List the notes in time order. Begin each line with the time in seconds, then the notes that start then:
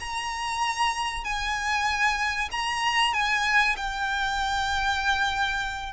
0.00 A#5
1.24 G#5
2.52 A#5
3.14 G#5
3.77 G5